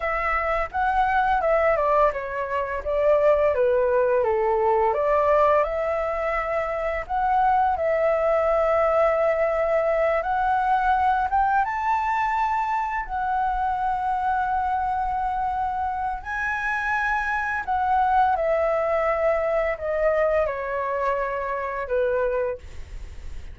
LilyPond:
\new Staff \with { instrumentName = "flute" } { \time 4/4 \tempo 4 = 85 e''4 fis''4 e''8 d''8 cis''4 | d''4 b'4 a'4 d''4 | e''2 fis''4 e''4~ | e''2~ e''8 fis''4. |
g''8 a''2 fis''4.~ | fis''2. gis''4~ | gis''4 fis''4 e''2 | dis''4 cis''2 b'4 | }